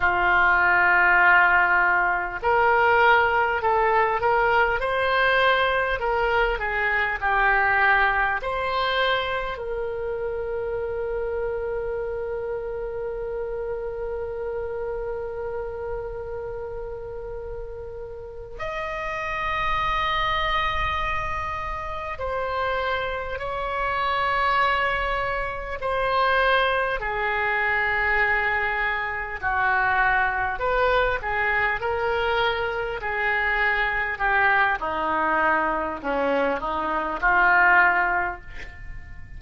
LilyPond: \new Staff \with { instrumentName = "oboe" } { \time 4/4 \tempo 4 = 50 f'2 ais'4 a'8 ais'8 | c''4 ais'8 gis'8 g'4 c''4 | ais'1~ | ais'2.~ ais'8 dis''8~ |
dis''2~ dis''8 c''4 cis''8~ | cis''4. c''4 gis'4.~ | gis'8 fis'4 b'8 gis'8 ais'4 gis'8~ | gis'8 g'8 dis'4 cis'8 dis'8 f'4 | }